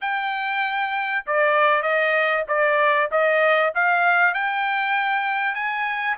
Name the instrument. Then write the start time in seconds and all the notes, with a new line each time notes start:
trumpet
0.01 G5
1.26 D5
1.82 D#5
2.47 D5
3.11 D#5
3.74 F5
4.34 G5
5.54 G#5